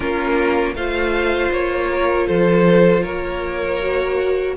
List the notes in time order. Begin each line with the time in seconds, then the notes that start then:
0.00 A#3 C#4 F4 A#4
0.74 A3 F4 C5 F5
1.51 A#3 C#5
1.91 A#4
2.27 F3 A4 C5
3.02 A#3 A#4 C#5
3.80 F#4